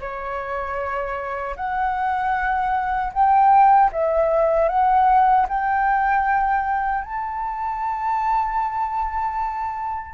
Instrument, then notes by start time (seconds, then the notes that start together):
flute
0.00 C#5
1.57 F#5
3.13 G5
3.92 E5
4.69 F#5
5.49 G5
7.04 A5